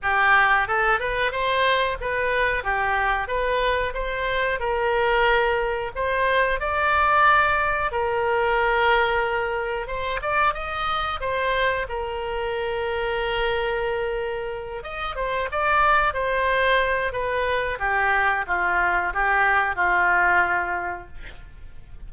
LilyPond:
\new Staff \with { instrumentName = "oboe" } { \time 4/4 \tempo 4 = 91 g'4 a'8 b'8 c''4 b'4 | g'4 b'4 c''4 ais'4~ | ais'4 c''4 d''2 | ais'2. c''8 d''8 |
dis''4 c''4 ais'2~ | ais'2~ ais'8 dis''8 c''8 d''8~ | d''8 c''4. b'4 g'4 | f'4 g'4 f'2 | }